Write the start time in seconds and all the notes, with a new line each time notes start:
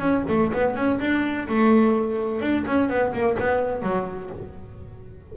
0.00 C#4
0.29 A3
0.53 B3
0.76 C#4
1.00 D4
1.48 A3
2.41 D4
2.67 C#4
2.89 B3
3.13 A#3
3.39 B3
3.83 F#3